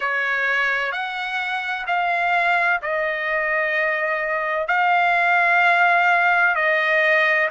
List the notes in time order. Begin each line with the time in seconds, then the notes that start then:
0.00 C#5
0.92 F#5
1.87 F5
2.81 D#5
4.67 F5
6.55 D#5